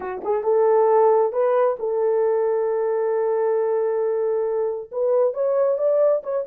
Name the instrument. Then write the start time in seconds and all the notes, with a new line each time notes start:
horn
0.00 F#4
0.24 G#4
0.43 A4
1.32 B4
1.79 A4
4.91 B4
5.33 C#5
5.78 D5
6.23 C#5